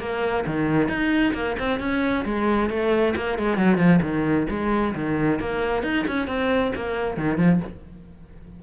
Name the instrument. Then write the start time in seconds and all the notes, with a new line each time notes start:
cello
0.00 A#3
0.47 D#3
0.89 D#4
1.34 A#3
1.59 C4
1.80 C#4
2.26 G#3
2.70 A3
3.16 A#3
3.39 G#3
3.58 F#3
3.78 F3
4.03 D#3
4.50 G#3
4.95 D#3
5.40 A#3
5.84 D#4
6.08 C#4
6.28 C4
6.76 A#3
7.17 D#3
7.38 F3